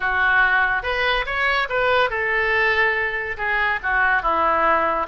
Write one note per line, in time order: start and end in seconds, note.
0.00 0.83 F#4
0.83 1.25 B4
1.26 1.68 C#5
1.69 2.10 B4
2.10 3.36 A4
3.37 3.79 G#4
3.82 4.22 F#4
4.22 5.06 E4